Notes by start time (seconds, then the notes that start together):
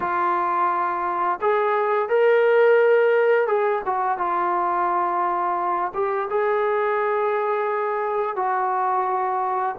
0.00 F4
1.41 G#4
2.09 A#4
3.47 G#4
3.85 F#4
4.17 F4
5.94 G4
6.30 G#4
8.36 F#4